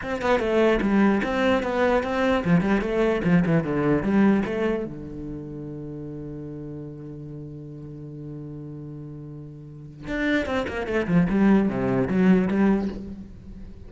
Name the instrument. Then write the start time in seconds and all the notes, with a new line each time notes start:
cello
0.02 C4
0.21 B3
0.39 A3
0.81 G3
1.23 C4
1.63 B3
2.03 C4
2.44 F3
2.60 G3
2.81 A3
3.24 F3
3.45 E3
3.63 D3
4.02 G3
4.45 A3
4.85 D3
10.07 D4
10.46 C4
10.68 A#3
10.86 A3
11.07 F3
11.29 G3
11.68 C3
12.07 F#3
12.48 G3